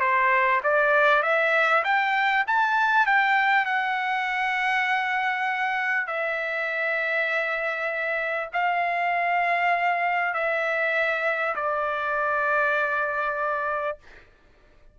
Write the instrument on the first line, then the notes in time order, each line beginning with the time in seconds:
trumpet
0.00 C5
0.63 D5
1.23 E5
1.84 G5
2.47 A5
3.06 G5
3.65 F#5
6.07 E5
8.53 F5
10.34 E5
11.55 D5